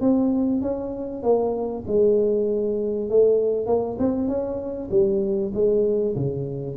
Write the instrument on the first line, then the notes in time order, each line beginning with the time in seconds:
tuba
0.00 C4
0.61 C#4
1.22 A#3
1.87 G#3
3.09 A3
3.66 A#3
3.99 C4
4.28 C#4
4.90 G3
5.54 G#3
6.15 C#3